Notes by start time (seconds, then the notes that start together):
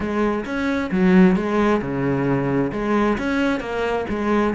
0.00 G#3
0.45 C#4
0.91 F#3
1.36 G#3
1.81 C#3
2.72 G#3
3.17 C#4
3.59 A#3
4.09 G#3